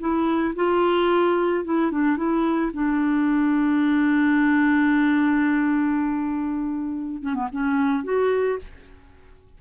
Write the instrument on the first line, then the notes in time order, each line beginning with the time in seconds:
clarinet
0.00 E4
0.56 F4
1.65 E4
1.92 D4
2.17 E4
2.74 D4
7.22 C#4
7.35 B3
7.52 C#4
8.04 F#4